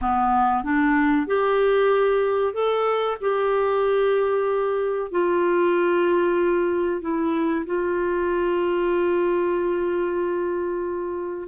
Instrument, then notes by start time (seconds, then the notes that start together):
clarinet
0.01 B3
0.63 D4
1.26 G4
2.53 A4
3.20 G4
5.11 F4
7.01 E4
7.65 F4